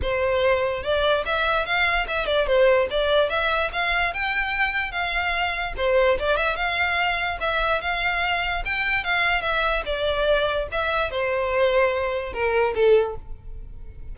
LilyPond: \new Staff \with { instrumentName = "violin" } { \time 4/4 \tempo 4 = 146 c''2 d''4 e''4 | f''4 e''8 d''8 c''4 d''4 | e''4 f''4 g''2 | f''2 c''4 d''8 e''8 |
f''2 e''4 f''4~ | f''4 g''4 f''4 e''4 | d''2 e''4 c''4~ | c''2 ais'4 a'4 | }